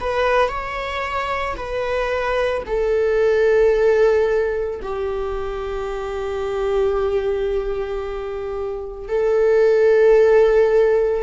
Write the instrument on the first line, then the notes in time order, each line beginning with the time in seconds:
viola
0.00 B4
0.49 C#5
1.56 B4
2.66 A4
4.82 G4
9.08 A4